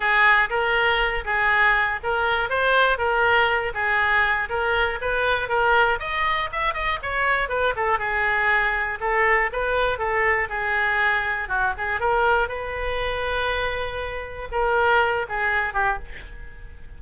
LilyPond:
\new Staff \with { instrumentName = "oboe" } { \time 4/4 \tempo 4 = 120 gis'4 ais'4. gis'4. | ais'4 c''4 ais'4. gis'8~ | gis'4 ais'4 b'4 ais'4 | dis''4 e''8 dis''8 cis''4 b'8 a'8 |
gis'2 a'4 b'4 | a'4 gis'2 fis'8 gis'8 | ais'4 b'2.~ | b'4 ais'4. gis'4 g'8 | }